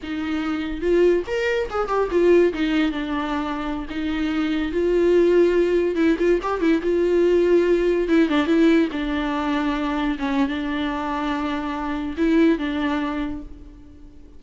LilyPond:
\new Staff \with { instrumentName = "viola" } { \time 4/4 \tempo 4 = 143 dis'2 f'4 ais'4 | gis'8 g'8 f'4 dis'4 d'4~ | d'4~ d'16 dis'2 f'8.~ | f'2~ f'16 e'8 f'8 g'8 e'16~ |
e'16 f'2. e'8 d'16~ | d'16 e'4 d'2~ d'8.~ | d'16 cis'8. d'2.~ | d'4 e'4 d'2 | }